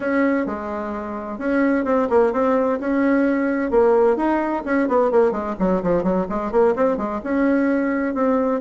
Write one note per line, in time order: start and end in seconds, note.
0.00 0.46 C#4
0.46 1.38 G#3
1.38 1.85 C#4
1.85 2.08 C4
2.09 2.32 A#3
2.32 2.79 C4
2.80 3.70 C#4
3.70 4.16 A#3
4.16 4.63 D#4
4.65 4.88 C#4
4.88 5.11 B3
5.11 5.31 A#3
5.31 5.55 G#3
5.59 5.82 F#3
5.82 6.03 F3
6.03 6.26 F#3
6.29 6.51 G#3
6.51 6.74 A#3
6.75 6.97 C4
6.97 7.20 G#3
7.23 8.14 C#4
8.14 8.60 C4